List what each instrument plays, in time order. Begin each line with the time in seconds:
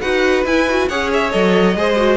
0.00 cello D#4, viola F#4, violin B4 F#5
0.45 cello E4, viola E4, violin G#5
0.69 viola F#4
0.88 cello C#4, viola G#4, violin C#5 F#5
1.13 violin E5
1.31 cello F#3, viola A4, violin D#5
1.75 cello G#3, viola G#4, violin C5
1.96 viola F#4